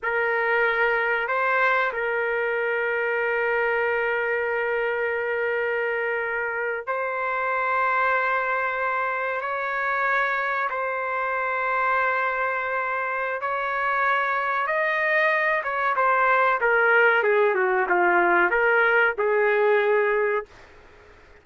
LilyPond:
\new Staff \with { instrumentName = "trumpet" } { \time 4/4 \tempo 4 = 94 ais'2 c''4 ais'4~ | ais'1~ | ais'2~ ais'8. c''4~ c''16~ | c''2~ c''8. cis''4~ cis''16~ |
cis''8. c''2.~ c''16~ | c''4 cis''2 dis''4~ | dis''8 cis''8 c''4 ais'4 gis'8 fis'8 | f'4 ais'4 gis'2 | }